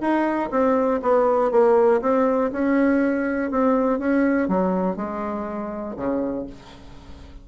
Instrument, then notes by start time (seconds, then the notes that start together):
bassoon
0.00 D#4
0.50 C4
1.02 B3
1.51 A#3
2.01 C4
2.52 C#4
3.51 C4
3.99 C#4
4.48 F#3
4.96 G#3
5.96 C#3